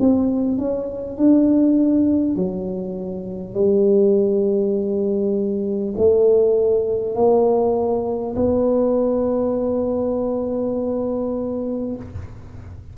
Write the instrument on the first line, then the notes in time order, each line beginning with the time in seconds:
tuba
0.00 C4
0.58 C#4
1.17 D4
2.36 F#3
3.55 G3
5.98 A3
7.15 A#3
8.36 B3